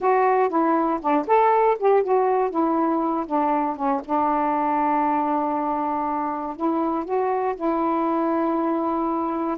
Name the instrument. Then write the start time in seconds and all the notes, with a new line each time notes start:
saxophone
0.00 F#4
0.49 E4
1.01 D4
1.27 A4
1.79 G4
2.03 F#4
2.50 E4
3.26 D4
3.75 C#4
4.04 D4
6.56 E4
7.05 F#4
7.55 E4